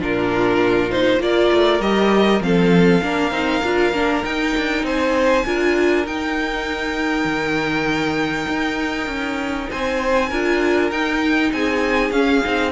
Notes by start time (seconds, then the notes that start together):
0.00 A#2 D4 F4 A#4
0.90 D#4 C5
1.20 A#3 F4 A#4 D5
1.53 A3
1.80 G3 G4 D#5
2.41 F3 C4 A4 F5
3.03 A#3 D4 A#4
3.31 C4 D#4
3.64 D4 F4
3.92 A#3 D4
4.24 D#4 G5
4.57 D4
4.83 C4 C5 G#5
5.45 D4 F4 A#4
6.06 D#4 G5
7.25 D#3
8.49 D#4
9.07 C#4
9.70 C4 C5 G#5
10.30 D4 F4 A#4
10.92 D#4 G5
11.52 C4 G#4 G#5
12.11 C#4 F5
12.44 C4 D#4